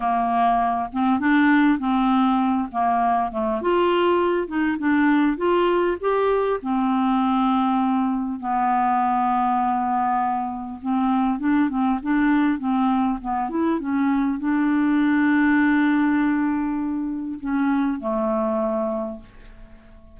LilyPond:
\new Staff \with { instrumentName = "clarinet" } { \time 4/4 \tempo 4 = 100 ais4. c'8 d'4 c'4~ | c'8 ais4 a8 f'4. dis'8 | d'4 f'4 g'4 c'4~ | c'2 b2~ |
b2 c'4 d'8 c'8 | d'4 c'4 b8 e'8 cis'4 | d'1~ | d'4 cis'4 a2 | }